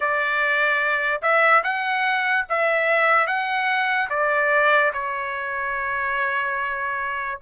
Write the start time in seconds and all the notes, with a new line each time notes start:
0.00 D5
1.21 E5
1.63 F#5
2.49 E5
3.27 F#5
4.09 D5
4.93 C#5